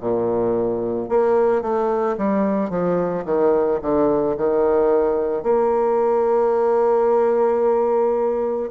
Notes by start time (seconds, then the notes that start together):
0.00 A#2
1.09 A#3
1.62 A3
2.17 G3
2.70 F3
3.25 D#3
3.82 D3
4.37 D#3
5.43 A#3